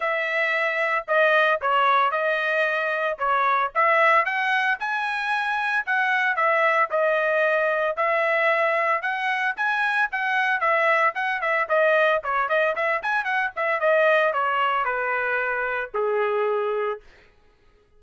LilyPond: \new Staff \with { instrumentName = "trumpet" } { \time 4/4 \tempo 4 = 113 e''2 dis''4 cis''4 | dis''2 cis''4 e''4 | fis''4 gis''2 fis''4 | e''4 dis''2 e''4~ |
e''4 fis''4 gis''4 fis''4 | e''4 fis''8 e''8 dis''4 cis''8 dis''8 | e''8 gis''8 fis''8 e''8 dis''4 cis''4 | b'2 gis'2 | }